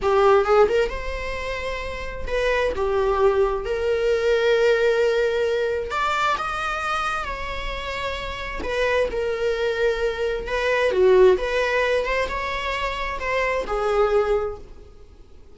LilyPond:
\new Staff \with { instrumentName = "viola" } { \time 4/4 \tempo 4 = 132 g'4 gis'8 ais'8 c''2~ | c''4 b'4 g'2 | ais'1~ | ais'4 d''4 dis''2 |
cis''2. b'4 | ais'2. b'4 | fis'4 b'4. c''8 cis''4~ | cis''4 c''4 gis'2 | }